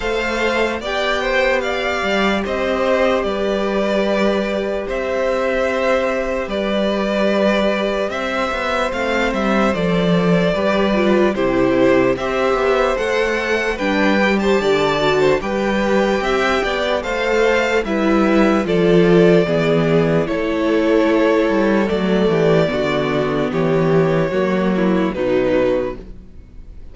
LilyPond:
<<
  \new Staff \with { instrumentName = "violin" } { \time 4/4 \tempo 4 = 74 f''4 g''4 f''4 dis''4 | d''2 e''2 | d''2 e''4 f''8 e''8 | d''2 c''4 e''4 |
fis''4 g''8. a''4~ a''16 g''4~ | g''4 f''4 e''4 d''4~ | d''4 cis''2 d''4~ | d''4 cis''2 b'4 | }
  \new Staff \with { instrumentName = "violin" } { \time 4/4 c''4 d''8 c''8 d''4 c''4 | b'2 c''2 | b'2 c''2~ | c''4 b'4 g'4 c''4~ |
c''4 b'8. c''16 d''8. c''16 b'4 | e''8 d''8 c''4 b'4 a'4 | gis'4 a'2~ a'8 g'8 | fis'4 g'4 fis'8 e'8 dis'4 | }
  \new Staff \with { instrumentName = "viola" } { \time 4/4 a'4 g'2.~ | g'1~ | g'2. c'4 | a'4 g'8 f'8 e'4 g'4 |
a'4 d'8 g'4 fis'8 g'4~ | g'4 a'4 e'4 f'4 | b4 e'2 a4 | b2 ais4 fis4 | }
  \new Staff \with { instrumentName = "cello" } { \time 4/4 a4 b4. g8 c'4 | g2 c'2 | g2 c'8 b8 a8 g8 | f4 g4 c4 c'8 b8 |
a4 g4 d4 g4 | c'8 b8 a4 g4 f4 | e4 a4. g8 fis8 e8 | d4 e4 fis4 b,4 | }
>>